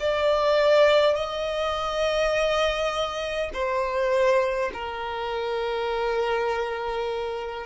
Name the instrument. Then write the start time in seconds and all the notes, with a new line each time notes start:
violin
0.00 D5
1.15 D#5
3.53 C5
4.74 A#4